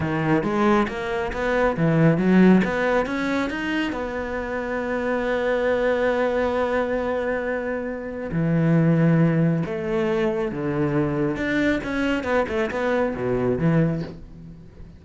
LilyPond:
\new Staff \with { instrumentName = "cello" } { \time 4/4 \tempo 4 = 137 dis4 gis4 ais4 b4 | e4 fis4 b4 cis'4 | dis'4 b2.~ | b1~ |
b2. e4~ | e2 a2 | d2 d'4 cis'4 | b8 a8 b4 b,4 e4 | }